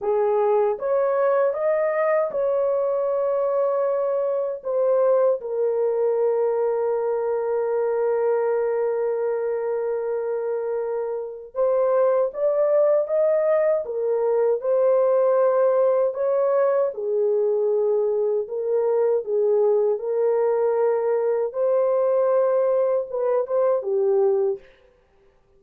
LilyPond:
\new Staff \with { instrumentName = "horn" } { \time 4/4 \tempo 4 = 78 gis'4 cis''4 dis''4 cis''4~ | cis''2 c''4 ais'4~ | ais'1~ | ais'2. c''4 |
d''4 dis''4 ais'4 c''4~ | c''4 cis''4 gis'2 | ais'4 gis'4 ais'2 | c''2 b'8 c''8 g'4 | }